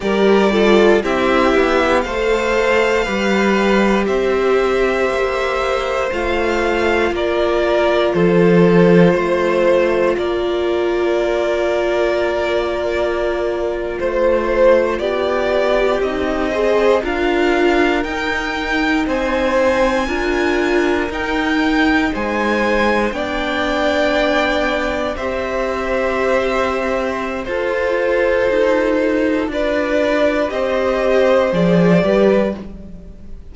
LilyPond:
<<
  \new Staff \with { instrumentName = "violin" } { \time 4/4 \tempo 4 = 59 d''4 e''4 f''2 | e''2 f''4 d''4 | c''2 d''2~ | d''4.~ d''16 c''4 d''4 dis''16~ |
dis''8. f''4 g''4 gis''4~ gis''16~ | gis''8. g''4 gis''4 g''4~ g''16~ | g''8. e''2~ e''16 c''4~ | c''4 d''4 dis''4 d''4 | }
  \new Staff \with { instrumentName = "violin" } { \time 4/4 ais'8 a'8 g'4 c''4 b'4 | c''2. ais'4 | a'4 c''4 ais'2~ | ais'4.~ ais'16 c''4 g'4~ g'16~ |
g'16 c''8 ais'2 c''4 ais'16~ | ais'4.~ ais'16 c''4 d''4~ d''16~ | d''8. c''2~ c''16 a'4~ | a'4 b'4 c''4. b'8 | }
  \new Staff \with { instrumentName = "viola" } { \time 4/4 g'8 f'8 e'4 a'4 g'4~ | g'2 f'2~ | f'1~ | f'2.~ f'8. dis'16~ |
dis'16 gis'8 f'4 dis'2 f'16~ | f'8. dis'2 d'4~ d'16~ | d'8. g'2~ g'16 f'4~ | f'2 g'4 gis'8 g'8 | }
  \new Staff \with { instrumentName = "cello" } { \time 4/4 g4 c'8 b8 a4 g4 | c'4 ais4 a4 ais4 | f4 a4 ais2~ | ais4.~ ais16 a4 b4 c'16~ |
c'8. d'4 dis'4 c'4 d'16~ | d'8. dis'4 gis4 b4~ b16~ | b8. c'2~ c'16 f'4 | dis'4 d'4 c'4 f8 g8 | }
>>